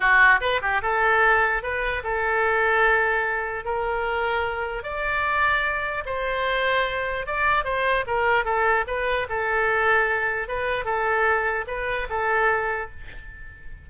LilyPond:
\new Staff \with { instrumentName = "oboe" } { \time 4/4 \tempo 4 = 149 fis'4 b'8 g'8 a'2 | b'4 a'2.~ | a'4 ais'2. | d''2. c''4~ |
c''2 d''4 c''4 | ais'4 a'4 b'4 a'4~ | a'2 b'4 a'4~ | a'4 b'4 a'2 | }